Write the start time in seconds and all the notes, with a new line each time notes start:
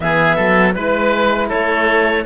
0.00 E3 B3 G#4 E5
0.35 F#3 A4
0.72 G#3 E4 B4
1.48 A3 A4 C#5